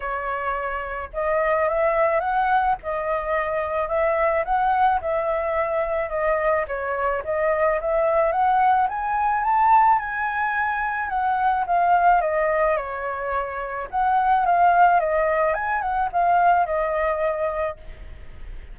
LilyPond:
\new Staff \with { instrumentName = "flute" } { \time 4/4 \tempo 4 = 108 cis''2 dis''4 e''4 | fis''4 dis''2 e''4 | fis''4 e''2 dis''4 | cis''4 dis''4 e''4 fis''4 |
gis''4 a''4 gis''2 | fis''4 f''4 dis''4 cis''4~ | cis''4 fis''4 f''4 dis''4 | gis''8 fis''8 f''4 dis''2 | }